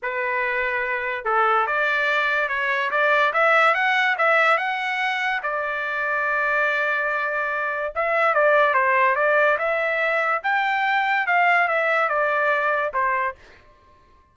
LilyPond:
\new Staff \with { instrumentName = "trumpet" } { \time 4/4 \tempo 4 = 144 b'2. a'4 | d''2 cis''4 d''4 | e''4 fis''4 e''4 fis''4~ | fis''4 d''2.~ |
d''2. e''4 | d''4 c''4 d''4 e''4~ | e''4 g''2 f''4 | e''4 d''2 c''4 | }